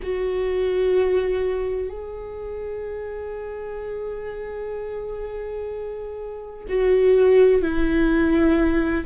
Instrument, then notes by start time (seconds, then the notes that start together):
viola
0.02 F#4
1.89 G#4
6.68 F#4
7.62 E4